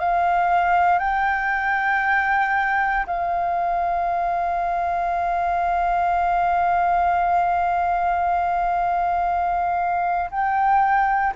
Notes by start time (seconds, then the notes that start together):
0.00 F5
0.99 G5
3.07 F5
10.31 G5